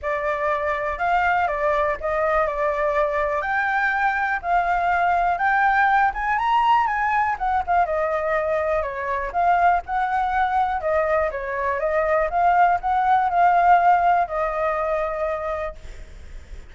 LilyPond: \new Staff \with { instrumentName = "flute" } { \time 4/4 \tempo 4 = 122 d''2 f''4 d''4 | dis''4 d''2 g''4~ | g''4 f''2 g''4~ | g''8 gis''8 ais''4 gis''4 fis''8 f''8 |
dis''2 cis''4 f''4 | fis''2 dis''4 cis''4 | dis''4 f''4 fis''4 f''4~ | f''4 dis''2. | }